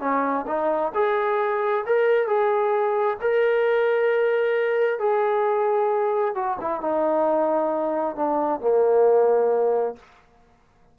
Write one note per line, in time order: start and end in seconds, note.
0.00 0.45 C#4
0.47 0.92 D#4
0.94 1.85 G#4
1.86 2.27 A#4
2.27 3.17 G#4
3.21 4.99 A#4
4.99 6.34 G#4
6.35 6.57 F#4
6.60 6.80 E4
6.80 8.15 D#4
8.15 8.60 D4
8.60 9.95 A#3